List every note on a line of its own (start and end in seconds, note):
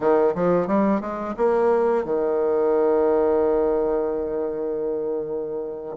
0.00 0.34 D#3
0.34 0.67 F3
0.67 1.00 G3
1.00 1.35 G#3
1.36 2.04 A#3
2.04 5.96 D#3